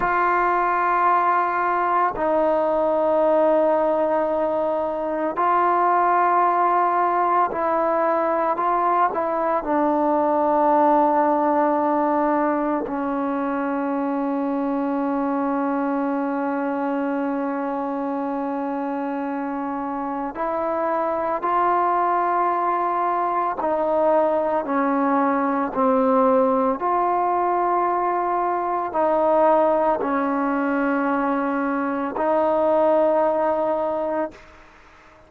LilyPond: \new Staff \with { instrumentName = "trombone" } { \time 4/4 \tempo 4 = 56 f'2 dis'2~ | dis'4 f'2 e'4 | f'8 e'8 d'2. | cis'1~ |
cis'2. e'4 | f'2 dis'4 cis'4 | c'4 f'2 dis'4 | cis'2 dis'2 | }